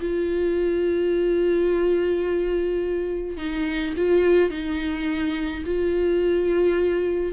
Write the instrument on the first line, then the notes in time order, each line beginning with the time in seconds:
viola
0.00 F4
3.37 D#4
3.97 F4
4.50 D#4
5.66 F4